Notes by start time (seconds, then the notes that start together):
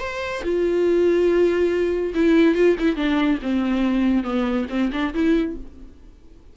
0.00 C5
0.43 F4
2.15 E4
2.55 F4
2.79 E4
2.96 D4
3.43 C4
4.24 B3
4.69 C4
4.92 D4
5.14 E4